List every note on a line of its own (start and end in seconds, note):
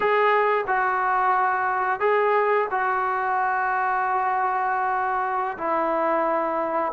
0.00 0.64 G#4
0.67 1.99 F#4
1.99 2.67 G#4
2.70 5.57 F#4
5.57 6.92 E4